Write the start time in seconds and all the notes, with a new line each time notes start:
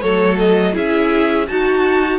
0.00 F#3 A3 A4 C#5
0.38 D#5
0.73 C#4 E4 G#4 E5
1.47 D#4 F#4 A5